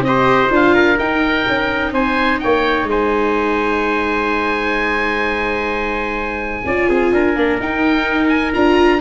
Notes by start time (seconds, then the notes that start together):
0.00 C4 D#5
0.07 G4 C5
0.50 D4 F4 F5
0.75 A#4
0.98 D#4 G5
1.47 C#4
1.92 C4 C5 G#5
2.39 A#3 C#5 G5
2.83 G#3
2.90 C5 G#5
6.65 C#4 F4 D5
6.89 C4 G#4
7.12 D4 A#4
7.36 A#3 D4
7.60 D#4 G5
8.28 G#5
8.53 D4 F4 A#5